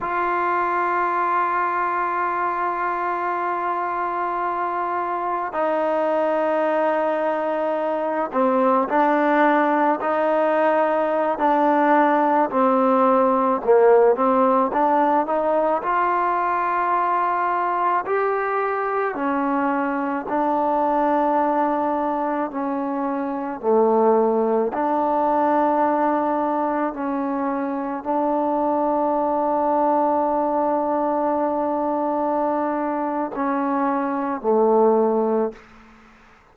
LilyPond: \new Staff \with { instrumentName = "trombone" } { \time 4/4 \tempo 4 = 54 f'1~ | f'4 dis'2~ dis'8 c'8 | d'4 dis'4~ dis'16 d'4 c'8.~ | c'16 ais8 c'8 d'8 dis'8 f'4.~ f'16~ |
f'16 g'4 cis'4 d'4.~ d'16~ | d'16 cis'4 a4 d'4.~ d'16~ | d'16 cis'4 d'2~ d'8.~ | d'2 cis'4 a4 | }